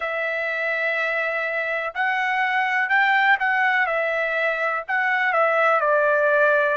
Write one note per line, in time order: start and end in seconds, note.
0.00 1.94 E5
1.94 2.89 F#5
2.89 3.37 G5
3.39 3.86 F#5
3.86 4.83 E5
4.88 5.32 F#5
5.32 5.80 E5
5.80 6.77 D5